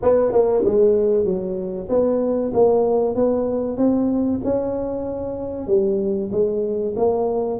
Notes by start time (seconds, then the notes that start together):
0.02 B3
0.32 A#3
0.64 G#3
1.24 F#3
1.89 B3
2.53 A#3
3.15 B3
3.77 C4
4.44 C#4
5.67 G3
6.31 G#3
6.96 A#3